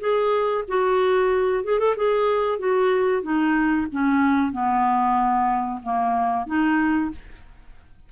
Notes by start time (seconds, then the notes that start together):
0.00 G#4
0.68 F#4
1.64 G#4
1.79 A4
1.96 G#4
2.59 F#4
3.23 D#4
3.92 C#4
4.52 B3
5.83 A#3
6.47 D#4